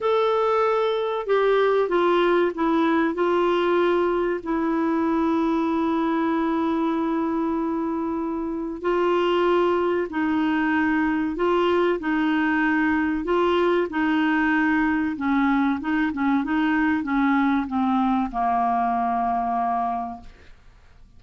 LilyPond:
\new Staff \with { instrumentName = "clarinet" } { \time 4/4 \tempo 4 = 95 a'2 g'4 f'4 | e'4 f'2 e'4~ | e'1~ | e'2 f'2 |
dis'2 f'4 dis'4~ | dis'4 f'4 dis'2 | cis'4 dis'8 cis'8 dis'4 cis'4 | c'4 ais2. | }